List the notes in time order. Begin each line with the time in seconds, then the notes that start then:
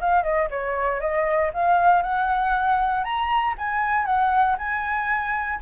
0.00 F5
0.23 D#5
0.50 C#5
1.00 D#5
1.53 F5
2.02 F#5
3.03 A#5
3.58 G#5
4.05 F#5
4.57 G#5